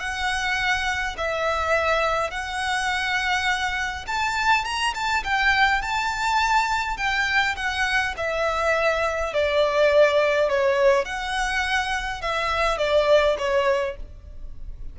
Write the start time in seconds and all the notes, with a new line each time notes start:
0.00 F#5
1.18 E5
2.31 F#5
4.07 A5
4.65 A#5
4.95 A5
5.24 G5
5.82 A5
6.97 G5
7.57 F#5
8.17 E5
9.34 D5
10.50 C#5
11.05 F#5
12.22 E5
12.78 D5
13.38 C#5